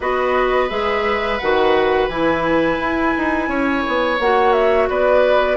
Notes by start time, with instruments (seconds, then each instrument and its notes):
0.00 bassoon B3, clarinet F#4, oboe B4, flute D#5
0.69 bassoon G#3, clarinet G#4, flute E5
1.38 bassoon D#3, clarinet F#4, flute F#5
2.08 bassoon E3, clarinet E4, flute G#5
2.79 bassoon E4
3.17 bassoon D#4
3.48 bassoon C#4, oboe C#5
3.87 bassoon B3
4.19 bassoon A#3, clarinet F#4, flute F#5
4.52 flute E5
4.88 bassoon B3, oboe B4, flute D5